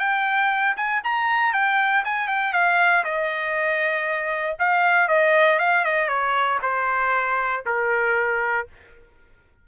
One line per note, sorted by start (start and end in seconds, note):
0.00 0.76 G5
0.77 1.02 G#5
1.04 1.53 A#5
1.53 2.04 G5
2.05 2.28 G#5
2.28 2.53 G5
2.53 3.04 F5
3.04 4.57 D#5
4.59 5.09 F5
5.09 5.60 D#5
5.60 5.85 F5
5.85 6.09 D#5
6.09 6.59 C#5
6.63 7.64 C5
7.66 8.68 A#4